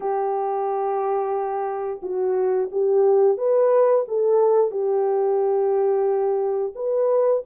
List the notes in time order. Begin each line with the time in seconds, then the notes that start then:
0.00 G4
2.02 F#4
2.72 G4
3.37 B4
4.08 A4
4.71 G4
6.75 B4